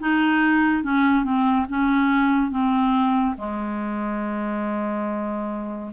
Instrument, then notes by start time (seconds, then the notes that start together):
clarinet
0.00 D#4
0.84 C#4
1.24 C4
1.69 C#4
2.51 C4
3.38 G#3